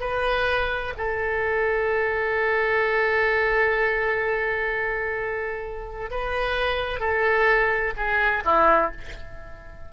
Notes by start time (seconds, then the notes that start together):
0.00 B4
0.97 A4
6.10 B4
7.00 A4
7.96 G#4
8.44 E4